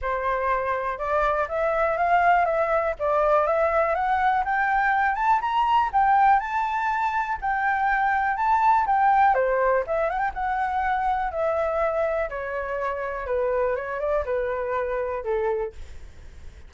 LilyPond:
\new Staff \with { instrumentName = "flute" } { \time 4/4 \tempo 4 = 122 c''2 d''4 e''4 | f''4 e''4 d''4 e''4 | fis''4 g''4. a''8 ais''4 | g''4 a''2 g''4~ |
g''4 a''4 g''4 c''4 | e''8 fis''16 g''16 fis''2 e''4~ | e''4 cis''2 b'4 | cis''8 d''8 b'2 a'4 | }